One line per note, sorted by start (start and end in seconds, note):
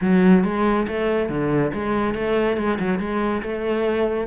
0.01 0.43 F#3
0.43 0.86 G#3
0.87 1.29 A3
1.29 1.72 D3
1.73 2.14 G#3
2.14 2.57 A3
2.57 2.78 G#3
2.79 2.99 F#3
2.99 3.42 G#3
3.42 4.27 A3